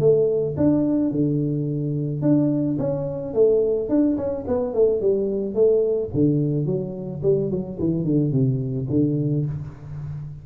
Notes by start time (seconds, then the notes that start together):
0.00 A3
0.57 D4
1.11 D3
2.22 D4
2.79 C#4
3.34 A3
3.89 D4
4.17 C#4
4.48 B3
4.74 A3
5.01 G3
5.55 A3
6.14 D3
6.66 F#3
7.23 G3
7.51 F#3
7.80 E3
8.05 D3
8.32 C3
8.90 D3